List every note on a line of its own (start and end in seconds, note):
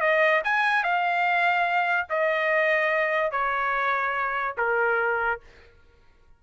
0.00 0.41 D#5
0.44 0.83 G#5
0.83 2.07 F5
2.09 3.31 D#5
3.31 4.55 C#5
4.57 5.40 A#4